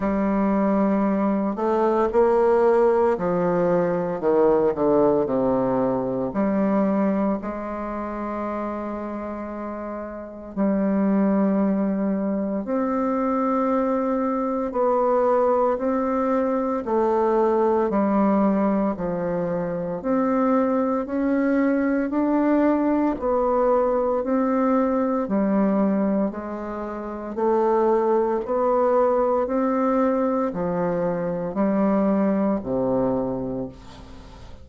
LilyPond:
\new Staff \with { instrumentName = "bassoon" } { \time 4/4 \tempo 4 = 57 g4. a8 ais4 f4 | dis8 d8 c4 g4 gis4~ | gis2 g2 | c'2 b4 c'4 |
a4 g4 f4 c'4 | cis'4 d'4 b4 c'4 | g4 gis4 a4 b4 | c'4 f4 g4 c4 | }